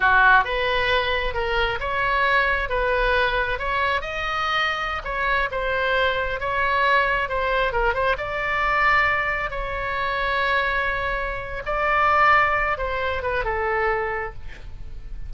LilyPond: \new Staff \with { instrumentName = "oboe" } { \time 4/4 \tempo 4 = 134 fis'4 b'2 ais'4 | cis''2 b'2 | cis''4 dis''2~ dis''16 cis''8.~ | cis''16 c''2 cis''4.~ cis''16~ |
cis''16 c''4 ais'8 c''8 d''4.~ d''16~ | d''4~ d''16 cis''2~ cis''8.~ | cis''2 d''2~ | d''8 c''4 b'8 a'2 | }